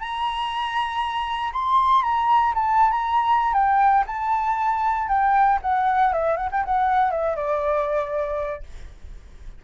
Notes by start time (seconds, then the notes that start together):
0.00 A#5
1.53 C6
2.03 A#5
2.55 A5
2.91 A#5
3.54 G5
4.07 A5
5.08 G5
5.62 F#5
6.13 E5
6.37 F#5
6.52 G5
6.65 F#5
7.11 E5
7.36 D5